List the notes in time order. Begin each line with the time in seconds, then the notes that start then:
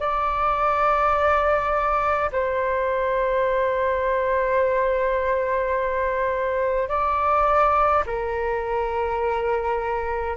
0.00 D5
2.32 C5
6.89 D5
8.07 A#4